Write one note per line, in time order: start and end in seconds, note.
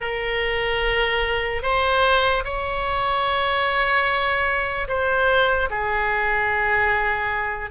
0.00 1.62 A#4
1.62 2.43 C5
2.44 4.87 C#5
4.88 5.69 C5
5.70 7.70 G#4